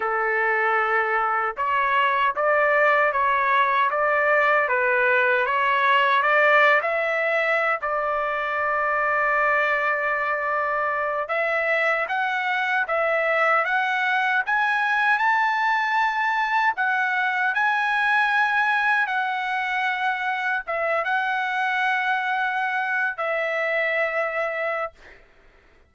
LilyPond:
\new Staff \with { instrumentName = "trumpet" } { \time 4/4 \tempo 4 = 77 a'2 cis''4 d''4 | cis''4 d''4 b'4 cis''4 | d''8. e''4~ e''16 d''2~ | d''2~ d''8 e''4 fis''8~ |
fis''8 e''4 fis''4 gis''4 a''8~ | a''4. fis''4 gis''4.~ | gis''8 fis''2 e''8 fis''4~ | fis''4.~ fis''16 e''2~ e''16 | }